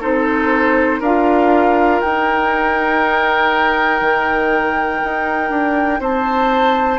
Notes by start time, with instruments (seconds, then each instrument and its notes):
0.00 bassoon C4, clarinet D#4, oboe A4, flute C5
1.00 bassoon D4, clarinet F4, oboe A#4, flute F5
2.01 bassoon D#4, clarinet D#4, flute G5
4.01 bassoon D#3
5.03 bassoon D#4
5.50 bassoon D4
6.00 bassoon C4, oboe C5, flute A5